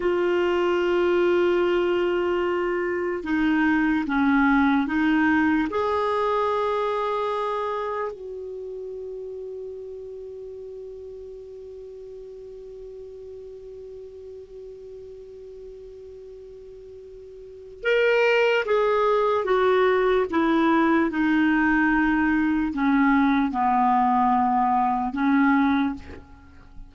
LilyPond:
\new Staff \with { instrumentName = "clarinet" } { \time 4/4 \tempo 4 = 74 f'1 | dis'4 cis'4 dis'4 gis'4~ | gis'2 fis'2~ | fis'1~ |
fis'1~ | fis'2 ais'4 gis'4 | fis'4 e'4 dis'2 | cis'4 b2 cis'4 | }